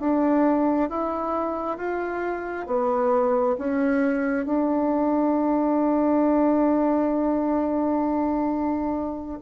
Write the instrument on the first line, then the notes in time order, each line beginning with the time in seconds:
bassoon
0.00 D4
0.90 E4
1.77 F4
2.67 B3
3.58 C#4
4.46 D4